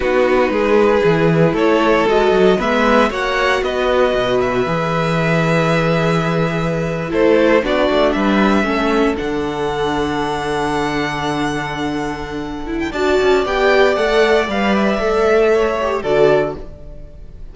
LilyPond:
<<
  \new Staff \with { instrumentName = "violin" } { \time 4/4 \tempo 4 = 116 b'2. cis''4 | dis''4 e''4 fis''4 dis''4~ | dis''8 e''2.~ e''8~ | e''4.~ e''16 c''4 d''4 e''16~ |
e''4.~ e''16 fis''2~ fis''16~ | fis''1~ | fis''8. g''16 a''4 g''4 fis''4 | f''8 e''2~ e''8 d''4 | }
  \new Staff \with { instrumentName = "violin" } { \time 4/4 fis'4 gis'2 a'4~ | a'4 b'4 cis''4 b'4~ | b'1~ | b'4.~ b'16 a'4 fis'4 b'16~ |
b'8. a'2.~ a'16~ | a'1~ | a'4 d''2.~ | d''2 cis''4 a'4 | }
  \new Staff \with { instrumentName = "viola" } { \time 4/4 dis'2 e'2 | fis'4 b4 fis'2~ | fis'4 gis'2.~ | gis'4.~ gis'16 e'4 d'4~ d'16~ |
d'8. cis'4 d'2~ d'16~ | d'1~ | d'8 e'8 fis'4 g'4 a'4 | b'4 a'4. g'8 fis'4 | }
  \new Staff \with { instrumentName = "cello" } { \time 4/4 b4 gis4 e4 a4 | gis8 fis8 gis4 ais4 b4 | b,4 e2.~ | e4.~ e16 a4 b8 a8 g16~ |
g8. a4 d2~ d16~ | d1~ | d4 d'8 cis'8 b4 a4 | g4 a2 d4 | }
>>